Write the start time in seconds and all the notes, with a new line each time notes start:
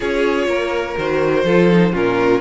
0.00 C#4 F4 G#4 C#5
0.46 A#3 A#4
0.97 D#3 F#4 C5
1.44 F3 F4 A4
1.71 D#4
1.92 A#2 C#4 F4 A#4